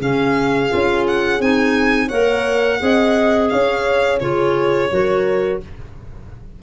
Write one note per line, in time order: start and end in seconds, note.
0.00 0.70 C#3
0.00 0.69 C#4
0.00 2.07 G#4
0.00 1.07 F5
0.69 1.39 C#4
0.69 1.39 F4
1.07 1.41 F#5
1.39 2.09 C4
1.39 2.10 D#4
1.39 2.09 G#5
2.07 2.81 A#3
2.07 2.80 A#4
2.07 2.77 C#5
2.07 3.48 F#5
2.80 3.51 C4
2.80 4.19 G#4
2.80 3.52 D#5
3.49 4.21 C#4
3.49 4.21 C#5
3.49 4.19 F5
4.19 4.91 C#3
4.19 4.90 F4
4.19 4.91 G#4
4.19 5.59 C#5
4.91 5.61 F#3
4.91 5.60 F#4
4.91 5.63 A#4